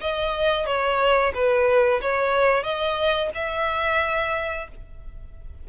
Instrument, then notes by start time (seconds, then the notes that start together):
violin
0.00 D#5
0.66 C#5
1.34 B4
2.01 C#5
2.63 D#5
3.34 E5